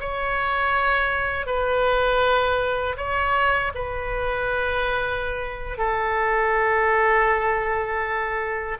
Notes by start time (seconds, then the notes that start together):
0.00 C#5
1.46 B4
2.97 C#5
3.74 B4
5.77 A4